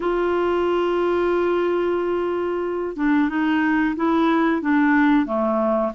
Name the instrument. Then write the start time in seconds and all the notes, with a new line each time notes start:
clarinet
0.00 F4
2.96 D4
3.29 D#4
3.96 E4
4.61 D4
5.26 A3